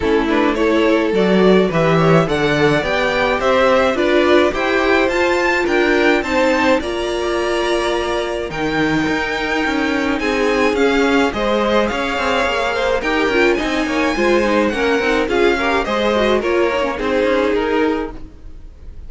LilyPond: <<
  \new Staff \with { instrumentName = "violin" } { \time 4/4 \tempo 4 = 106 a'8 b'8 cis''4 d''4 e''4 | fis''4 g''4 e''4 d''4 | g''4 a''4 g''4 a''4 | ais''2. g''4~ |
g''2 gis''4 f''4 | dis''4 f''2 g''4 | gis''2 fis''4 f''4 | dis''4 cis''4 c''4 ais'4 | }
  \new Staff \with { instrumentName = "violin" } { \time 4/4 e'4 a'2 b'8 cis''8 | d''2 c''4 b'4 | c''2 ais'4 c''4 | d''2. ais'4~ |
ais'2 gis'2 | c''4 cis''4. c''8 ais'4 | dis''8 cis''8 c''4 ais'4 gis'8 ais'8 | c''4 ais'4 gis'2 | }
  \new Staff \with { instrumentName = "viola" } { \time 4/4 cis'8 d'8 e'4 fis'4 g'4 | a'4 g'2 f'4 | g'4 f'2 dis'4 | f'2. dis'4~ |
dis'2. cis'4 | gis'2. g'8 f'8 | dis'4 f'8 dis'8 cis'8 dis'8 f'8 g'8 | gis'8 fis'8 f'8 dis'16 cis'16 dis'2 | }
  \new Staff \with { instrumentName = "cello" } { \time 4/4 a2 fis4 e4 | d4 b4 c'4 d'4 | e'4 f'4 d'4 c'4 | ais2. dis4 |
dis'4 cis'4 c'4 cis'4 | gis4 cis'8 c'8 ais4 dis'8 cis'8 | c'8 ais8 gis4 ais8 c'8 cis'4 | gis4 ais4 c'8 cis'8 dis'4 | }
>>